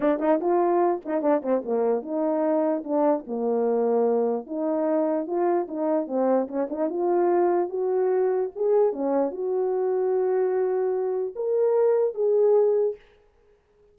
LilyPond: \new Staff \with { instrumentName = "horn" } { \time 4/4 \tempo 4 = 148 d'8 dis'8 f'4. dis'8 d'8 c'8 | ais4 dis'2 d'4 | ais2. dis'4~ | dis'4 f'4 dis'4 c'4 |
cis'8 dis'8 f'2 fis'4~ | fis'4 gis'4 cis'4 fis'4~ | fis'1 | ais'2 gis'2 | }